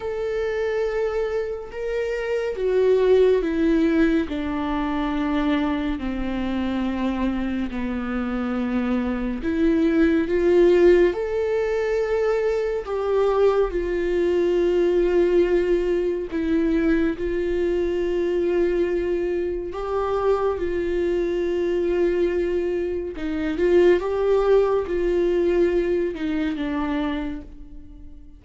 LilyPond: \new Staff \with { instrumentName = "viola" } { \time 4/4 \tempo 4 = 70 a'2 ais'4 fis'4 | e'4 d'2 c'4~ | c'4 b2 e'4 | f'4 a'2 g'4 |
f'2. e'4 | f'2. g'4 | f'2. dis'8 f'8 | g'4 f'4. dis'8 d'4 | }